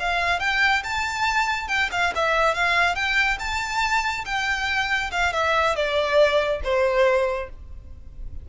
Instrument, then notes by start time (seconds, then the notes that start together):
violin
0.00 F5
0.40 G5
0.84 A5
1.69 G5
1.92 F5
2.15 E5
2.55 F5
2.96 G5
3.40 A5
4.26 G5
5.12 F5
5.33 E5
5.76 D5
6.64 C5